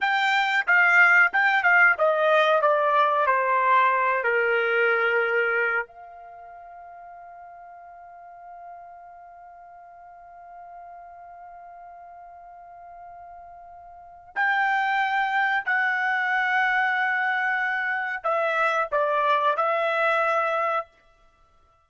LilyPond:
\new Staff \with { instrumentName = "trumpet" } { \time 4/4 \tempo 4 = 92 g''4 f''4 g''8 f''8 dis''4 | d''4 c''4. ais'4.~ | ais'4 f''2.~ | f''1~ |
f''1~ | f''2 g''2 | fis''1 | e''4 d''4 e''2 | }